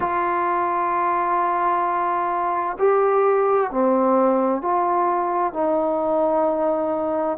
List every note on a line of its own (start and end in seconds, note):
0.00 2.77 F4
2.78 3.70 G4
3.70 4.62 C4
4.62 5.53 F4
5.53 7.37 D#4